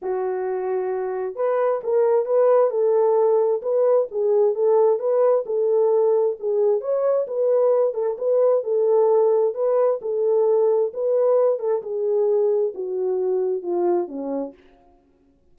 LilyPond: \new Staff \with { instrumentName = "horn" } { \time 4/4 \tempo 4 = 132 fis'2. b'4 | ais'4 b'4 a'2 | b'4 gis'4 a'4 b'4 | a'2 gis'4 cis''4 |
b'4. a'8 b'4 a'4~ | a'4 b'4 a'2 | b'4. a'8 gis'2 | fis'2 f'4 cis'4 | }